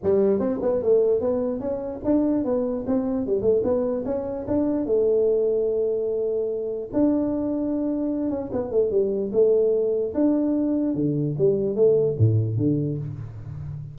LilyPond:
\new Staff \with { instrumentName = "tuba" } { \time 4/4 \tempo 4 = 148 g4 c'8 b8 a4 b4 | cis'4 d'4 b4 c'4 | g8 a8 b4 cis'4 d'4 | a1~ |
a4 d'2.~ | d'8 cis'8 b8 a8 g4 a4~ | a4 d'2 d4 | g4 a4 a,4 d4 | }